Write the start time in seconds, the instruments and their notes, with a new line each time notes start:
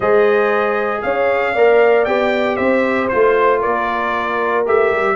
0.00 tuba G#3, trombone G#4, horn C5, trumpet D#5
1.02 tuba C#4, horn C#5, trumpet F5
1.53 tuba A#3, trombone A#4, horn D5
2.05 tuba B3, trombone G4, trumpet G5
2.56 tuba C4, horn C5, trumpet E5
3.08 trombone F4, trumpet C5
3.14 tuba A3
3.60 tuba A#3, horn A#4, trumpet D5
4.66 tuba A3, trombone G4, trumpet E5
4.91 tuba G3